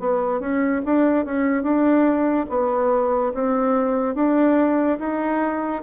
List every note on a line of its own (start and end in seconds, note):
0.00 0.41 B3
0.41 0.82 C#4
0.86 1.26 D4
1.26 1.63 C#4
1.63 2.47 D4
2.50 3.33 B3
3.34 4.16 C4
4.16 4.99 D4
4.99 5.83 D#4